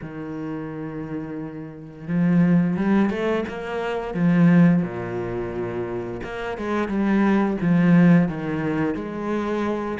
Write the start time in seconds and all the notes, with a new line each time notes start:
0.01 D#3
2.07 F3
2.76 G3
3.09 A3
3.48 A#3
4.13 F3
4.82 A#2
6.23 A#3
6.57 G#3
6.88 G3
7.61 F3
8.28 D#3
8.94 G#3